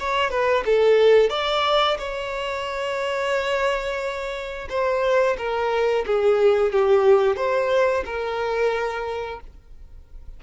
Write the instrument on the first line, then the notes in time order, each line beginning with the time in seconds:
violin
0.00 C#5
0.30 B4
0.66 A4
1.30 D5
1.99 C#5
4.69 C5
5.38 A#4
6.06 G#4
6.72 G4
7.36 C5
8.06 A#4